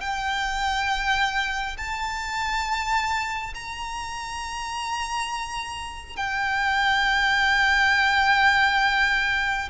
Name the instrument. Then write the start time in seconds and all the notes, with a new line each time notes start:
violin
0.00 G5
1.77 A5
3.54 A#5
6.16 G5